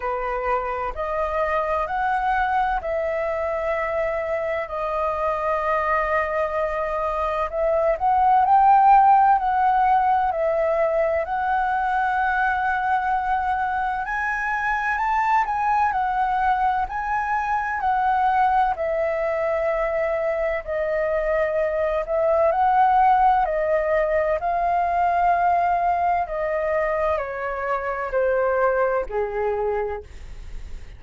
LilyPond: \new Staff \with { instrumentName = "flute" } { \time 4/4 \tempo 4 = 64 b'4 dis''4 fis''4 e''4~ | e''4 dis''2. | e''8 fis''8 g''4 fis''4 e''4 | fis''2. gis''4 |
a''8 gis''8 fis''4 gis''4 fis''4 | e''2 dis''4. e''8 | fis''4 dis''4 f''2 | dis''4 cis''4 c''4 gis'4 | }